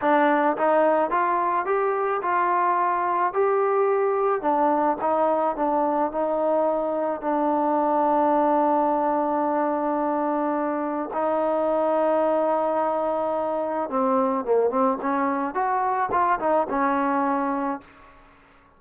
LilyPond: \new Staff \with { instrumentName = "trombone" } { \time 4/4 \tempo 4 = 108 d'4 dis'4 f'4 g'4 | f'2 g'2 | d'4 dis'4 d'4 dis'4~ | dis'4 d'2.~ |
d'1 | dis'1~ | dis'4 c'4 ais8 c'8 cis'4 | fis'4 f'8 dis'8 cis'2 | }